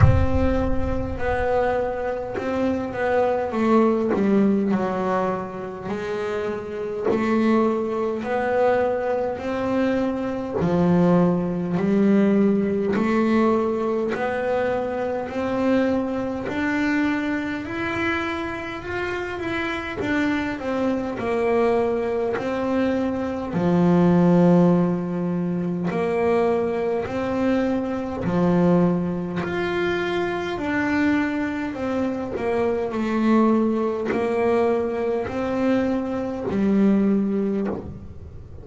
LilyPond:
\new Staff \with { instrumentName = "double bass" } { \time 4/4 \tempo 4 = 51 c'4 b4 c'8 b8 a8 g8 | fis4 gis4 a4 b4 | c'4 f4 g4 a4 | b4 c'4 d'4 e'4 |
f'8 e'8 d'8 c'8 ais4 c'4 | f2 ais4 c'4 | f4 f'4 d'4 c'8 ais8 | a4 ais4 c'4 g4 | }